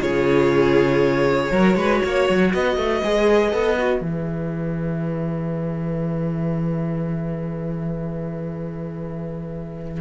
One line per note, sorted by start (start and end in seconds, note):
0.00 1.51 C#3
0.00 1.50 F4
0.00 1.51 G#4
0.00 2.51 C#5
1.51 1.75 F#3
1.51 3.03 F#4
1.51 1.76 A#4
1.75 2.00 G#3
1.75 2.02 B4
2.03 2.28 A#3
2.03 2.51 C#5
2.28 2.53 F#3
2.51 2.76 B3
2.51 10.00 B4
2.51 4.03 D#5
2.76 3.01 A3
3.03 3.52 G#3
3.03 3.51 G#4
3.51 4.01 B3
3.51 3.76 A4
3.78 4.02 F#4
4.01 10.00 E3
4.01 10.00 G#4
4.01 10.00 E5